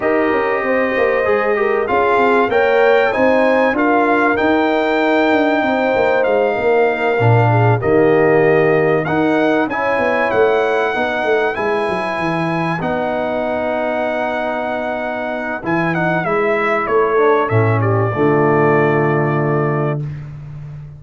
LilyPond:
<<
  \new Staff \with { instrumentName = "trumpet" } { \time 4/4 \tempo 4 = 96 dis''2. f''4 | g''4 gis''4 f''4 g''4~ | g''2 f''2~ | f''8 dis''2 fis''4 gis''8~ |
gis''8 fis''2 gis''4.~ | gis''8 fis''2.~ fis''8~ | fis''4 gis''8 fis''8 e''4 cis''4 | e''8 d''2.~ d''8 | }
  \new Staff \with { instrumentName = "horn" } { \time 4/4 ais'4 c''4. ais'8 gis'4 | cis''4 c''4 ais'2~ | ais'4 c''4. ais'4. | gis'8 g'2 ais'4 cis''8~ |
cis''4. b'2~ b'8~ | b'1~ | b'2. a'4~ | a'8 g'8 f'2. | }
  \new Staff \with { instrumentName = "trombone" } { \time 4/4 g'2 gis'8 g'8 f'4 | ais'4 dis'4 f'4 dis'4~ | dis'2.~ dis'8 d'8~ | d'8 ais2 dis'4 e'8~ |
e'4. dis'4 e'4.~ | e'8 dis'2.~ dis'8~ | dis'4 e'8 dis'8 e'4. d'8 | cis'4 a2. | }
  \new Staff \with { instrumentName = "tuba" } { \time 4/4 dis'8 cis'8 c'8 ais8 gis4 cis'8 c'8 | ais4 c'4 d'4 dis'4~ | dis'8 d'8 c'8 ais8 gis8 ais4 ais,8~ | ais,8 dis2 dis'4 cis'8 |
b8 a4 b8 a8 gis8 fis8 e8~ | e8 b2.~ b8~ | b4 e4 gis4 a4 | a,4 d2. | }
>>